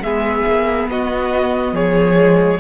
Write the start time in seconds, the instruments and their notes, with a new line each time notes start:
0.00 cello G#3, viola B3, violin G#4 E5
0.48 cello A#3
0.88 cello B3, violin F#4 D#5
1.72 cello F3, violin G#4 C#5
2.18 viola G#3